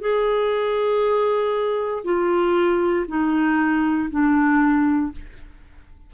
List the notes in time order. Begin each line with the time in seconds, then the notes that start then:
0.00 G#4
2.04 F4
3.07 D#4
4.10 D4